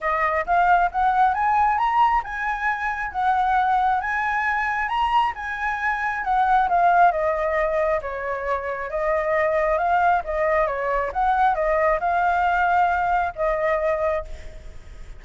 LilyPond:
\new Staff \with { instrumentName = "flute" } { \time 4/4 \tempo 4 = 135 dis''4 f''4 fis''4 gis''4 | ais''4 gis''2 fis''4~ | fis''4 gis''2 ais''4 | gis''2 fis''4 f''4 |
dis''2 cis''2 | dis''2 f''4 dis''4 | cis''4 fis''4 dis''4 f''4~ | f''2 dis''2 | }